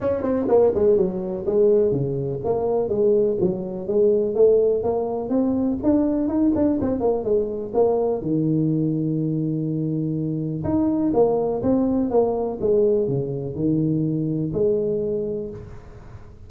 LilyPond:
\new Staff \with { instrumentName = "tuba" } { \time 4/4 \tempo 4 = 124 cis'8 c'8 ais8 gis8 fis4 gis4 | cis4 ais4 gis4 fis4 | gis4 a4 ais4 c'4 | d'4 dis'8 d'8 c'8 ais8 gis4 |
ais4 dis2.~ | dis2 dis'4 ais4 | c'4 ais4 gis4 cis4 | dis2 gis2 | }